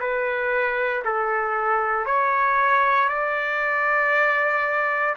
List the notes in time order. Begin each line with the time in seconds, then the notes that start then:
0.00 B4
1.05 A4
2.06 C#5
3.09 D5